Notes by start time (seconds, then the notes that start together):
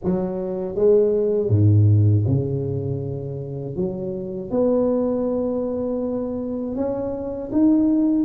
0.03 F#3
0.75 G#3
1.49 G#2
2.26 C#3
3.75 F#3
4.50 B3
6.75 C#4
7.51 D#4